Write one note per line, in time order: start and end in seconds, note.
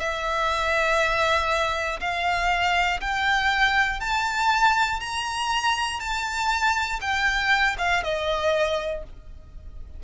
0.00 2.00 E5
2.01 3.01 F5
3.01 4.01 G5
4.01 5.00 A5
5.00 6.00 A#5
6.00 7.00 A5
7.02 7.77 G5
7.79 8.04 F5
8.04 9.04 D#5